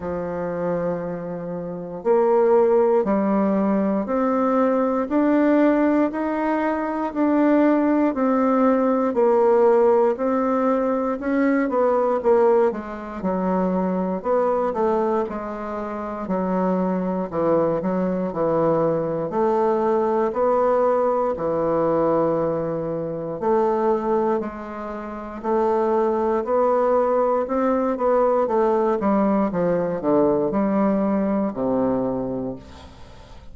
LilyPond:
\new Staff \with { instrumentName = "bassoon" } { \time 4/4 \tempo 4 = 59 f2 ais4 g4 | c'4 d'4 dis'4 d'4 | c'4 ais4 c'4 cis'8 b8 | ais8 gis8 fis4 b8 a8 gis4 |
fis4 e8 fis8 e4 a4 | b4 e2 a4 | gis4 a4 b4 c'8 b8 | a8 g8 f8 d8 g4 c4 | }